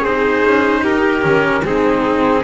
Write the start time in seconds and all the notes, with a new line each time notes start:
0.00 C4 D#4 G#4 C5
0.44 C#4
0.82 D#4 G4 A#4
1.21 D#3 C#4
1.62 G#3 C4 D#4 G#4